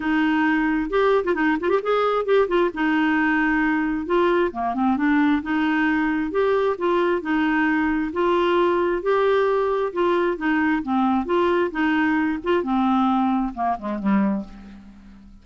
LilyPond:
\new Staff \with { instrumentName = "clarinet" } { \time 4/4 \tempo 4 = 133 dis'2 g'8. f'16 dis'8 f'16 g'16 | gis'4 g'8 f'8 dis'2~ | dis'4 f'4 ais8 c'8 d'4 | dis'2 g'4 f'4 |
dis'2 f'2 | g'2 f'4 dis'4 | c'4 f'4 dis'4. f'8 | c'2 ais8 gis8 g4 | }